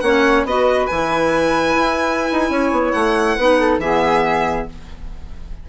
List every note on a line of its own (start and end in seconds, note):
0.00 0.44 A#3
0.00 0.47 C#4
0.00 0.46 C#5
0.00 0.43 F#5
0.44 0.87 B3
0.44 0.91 F#4
0.44 2.51 B4
0.44 0.87 D#5
0.87 1.76 E3
0.87 3.39 E4
0.87 2.91 G#5
1.76 2.29 E4
2.32 2.50 D#4
2.50 2.71 C#4
2.50 3.37 C#5
2.71 2.93 B3
2.91 3.37 A3
2.91 3.78 F#5
3.37 3.78 B3
3.37 3.82 D#4
3.37 3.58 B4
3.59 3.81 A4
3.78 4.65 E3
3.78 4.69 B3
3.78 4.68 G#4
3.78 4.67 E5